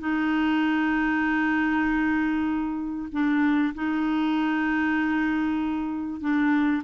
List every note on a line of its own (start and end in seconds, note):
0.00 3.09 D#4
3.12 3.74 D4
3.75 6.21 D#4
6.21 6.83 D4